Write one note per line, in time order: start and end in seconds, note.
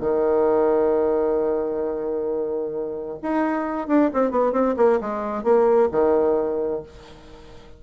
0.00 3.18 D#3
3.23 3.88 D#4
3.88 4.11 D4
4.14 4.31 C4
4.31 4.53 B3
4.53 4.75 C4
4.77 5.00 A#3
5.01 5.44 G#3
5.44 5.89 A#3
5.92 6.83 D#3